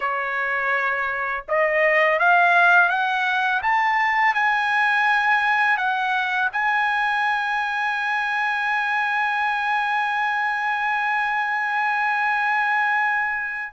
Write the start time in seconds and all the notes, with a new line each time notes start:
0.00 C#5
1.48 D#5
2.19 F5
2.89 F#5
3.62 A5
4.34 G#5
5.77 F#5
6.52 G#5